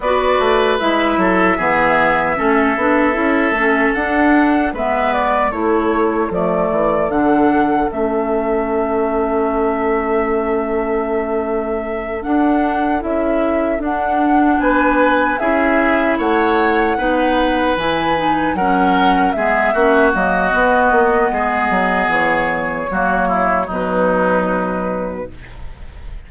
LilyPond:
<<
  \new Staff \with { instrumentName = "flute" } { \time 4/4 \tempo 4 = 76 d''4 e''2.~ | e''4 fis''4 e''8 d''8 cis''4 | d''4 fis''4 e''2~ | e''2.~ e''8 fis''8~ |
fis''8 e''4 fis''4 gis''4 e''8~ | e''8 fis''2 gis''4 fis''8~ | fis''8 e''4 dis''2~ dis''8 | cis''2 b'2 | }
  \new Staff \with { instrumentName = "oboe" } { \time 4/4 b'4. a'8 gis'4 a'4~ | a'2 b'4 a'4~ | a'1~ | a'1~ |
a'2~ a'8 b'4 gis'8~ | gis'8 cis''4 b'2 ais'8~ | ais'8 gis'8 fis'2 gis'4~ | gis'4 fis'8 e'8 dis'2 | }
  \new Staff \with { instrumentName = "clarinet" } { \time 4/4 fis'4 e'4 b4 cis'8 d'8 | e'8 cis'8 d'4 b4 e'4 | a4 d'4 cis'2~ | cis'2.~ cis'8 d'8~ |
d'8 e'4 d'2 e'8~ | e'4. dis'4 e'8 dis'8 cis'8~ | cis'8 b8 cis'8 ais8 b2~ | b4 ais4 fis2 | }
  \new Staff \with { instrumentName = "bassoon" } { \time 4/4 b8 a8 gis8 fis8 e4 a8 b8 | cis'8 a8 d'4 gis4 a4 | f8 e8 d4 a2~ | a2.~ a8 d'8~ |
d'8 cis'4 d'4 b4 cis'8~ | cis'8 a4 b4 e4 fis8~ | fis8 gis8 ais8 fis8 b8 ais8 gis8 fis8 | e4 fis4 b,2 | }
>>